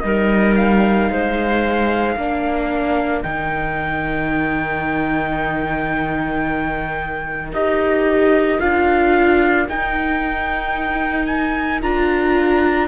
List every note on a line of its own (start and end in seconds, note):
0.00 1.10 G3
0.00 2.18 D#4
0.00 1.11 A#4
0.00 0.54 D#5
0.56 3.23 F5
1.10 2.16 G#3
1.10 2.15 C5
2.15 3.23 A#3
2.15 3.23 D4
2.15 12.87 A#4
3.23 7.52 D#3
3.23 7.52 D#4
3.23 7.51 G5
7.52 8.60 D#4
7.52 8.59 G4
7.52 8.60 D#5
8.59 9.68 D4
8.59 9.67 F4
8.59 9.67 F5
9.69 11.82 D#4
9.69 11.83 D#4
9.69 11.26 G5
11.26 11.80 G#5
11.82 12.88 D4
11.82 12.88 F4
11.82 12.88 A#5